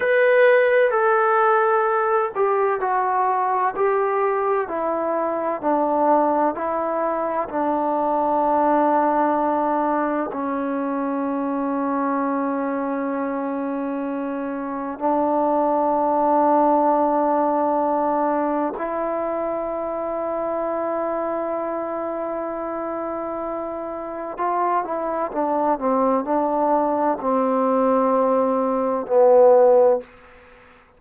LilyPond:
\new Staff \with { instrumentName = "trombone" } { \time 4/4 \tempo 4 = 64 b'4 a'4. g'8 fis'4 | g'4 e'4 d'4 e'4 | d'2. cis'4~ | cis'1 |
d'1 | e'1~ | e'2 f'8 e'8 d'8 c'8 | d'4 c'2 b4 | }